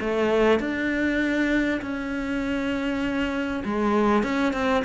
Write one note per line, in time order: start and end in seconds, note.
0.00 0.59 A3
0.59 1.80 D4
1.82 3.63 C#4
3.65 4.23 G#3
4.23 4.53 C#4
4.53 4.83 C4